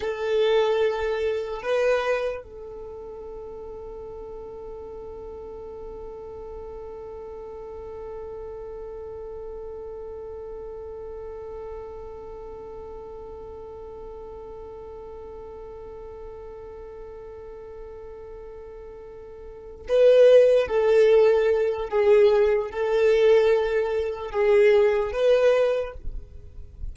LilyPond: \new Staff \with { instrumentName = "violin" } { \time 4/4 \tempo 4 = 74 a'2 b'4 a'4~ | a'1~ | a'1~ | a'1~ |
a'1~ | a'1~ | a'8 b'4 a'4. gis'4 | a'2 gis'4 b'4 | }